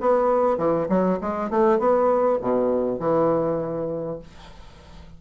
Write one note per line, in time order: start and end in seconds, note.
0.00 0.58 B3
0.58 0.88 E3
0.89 1.19 F#3
1.21 1.50 G#3
1.50 1.79 A3
1.79 2.39 B3
2.41 2.99 B2
2.99 4.19 E3